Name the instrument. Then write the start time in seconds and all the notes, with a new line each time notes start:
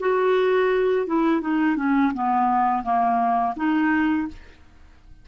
clarinet
0.00 F#4
1.07 E4
1.41 D#4
1.77 C#4
2.14 B3
2.83 A#3
3.56 D#4